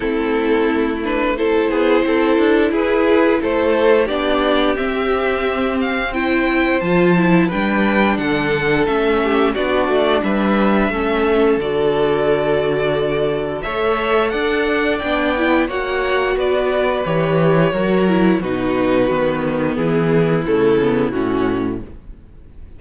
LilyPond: <<
  \new Staff \with { instrumentName = "violin" } { \time 4/4 \tempo 4 = 88 a'4. b'8 c''2 | b'4 c''4 d''4 e''4~ | e''8 f''8 g''4 a''4 g''4 | fis''4 e''4 d''4 e''4~ |
e''4 d''2. | e''4 fis''4 g''4 fis''4 | d''4 cis''2 b'4~ | b'4 gis'4 a'4 fis'4 | }
  \new Staff \with { instrumentName = "violin" } { \time 4/4 e'2 a'8 gis'8 a'4 | gis'4 a'4 g'2~ | g'4 c''2 b'4 | a'4. g'8 fis'4 b'4 |
a'1 | cis''4 d''2 cis''4 | b'2 ais'4 fis'4~ | fis'4 e'2. | }
  \new Staff \with { instrumentName = "viola" } { \time 4/4 c'4. d'8 e'2~ | e'2 d'4 c'4~ | c'4 e'4 f'8 e'8 d'4~ | d'4 cis'4 d'2 |
cis'4 fis'2. | a'2 d'8 e'8 fis'4~ | fis'4 g'4 fis'8 e'8 dis'4 | b2 a8 b8 cis'4 | }
  \new Staff \with { instrumentName = "cello" } { \time 4/4 a2~ a8 b8 c'8 d'8 | e'4 a4 b4 c'4~ | c'2 f4 g4 | d4 a4 b8 a8 g4 |
a4 d2. | a4 d'4 b4 ais4 | b4 e4 fis4 b,4 | dis4 e4 cis4 a,4 | }
>>